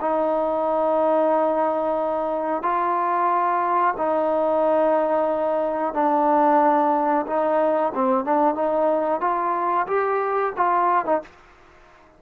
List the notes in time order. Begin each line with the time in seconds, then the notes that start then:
0.00 D#4
2.62 F4
3.97 D#4
5.93 D4
7.26 D#4
7.94 C4
8.24 D4
8.54 D#4
9.20 F4
9.87 G4
10.56 F4
11.05 D#4